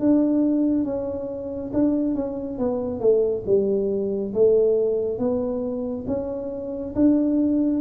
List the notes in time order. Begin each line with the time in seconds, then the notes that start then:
0.00 D4
0.85 C#4
1.74 D4
2.15 C#4
2.58 B3
3.00 A3
3.46 G3
4.34 A3
5.19 B3
6.08 C#4
6.95 D4